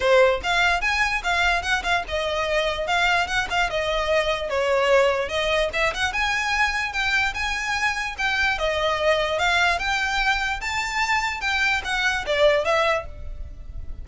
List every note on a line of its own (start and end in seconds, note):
0.00 0.40 C5
0.43 0.81 F5
0.81 1.22 G#5
1.23 1.62 F5
1.62 1.83 F#5
1.83 2.03 F5
2.07 2.87 D#5
2.87 3.27 F5
3.27 3.47 F#5
3.50 3.69 F5
3.69 4.49 D#5
4.49 5.29 C#5
5.29 5.69 D#5
5.73 5.93 E5
5.94 6.13 F#5
6.13 6.92 G#5
6.92 7.33 G5
7.34 8.15 G#5
8.17 8.58 G5
8.58 9.38 D#5
9.38 9.78 F5
9.78 10.60 G5
10.60 11.40 A5
11.40 11.81 G5
11.84 12.25 F#5
12.26 12.64 D5
12.64 13.05 E5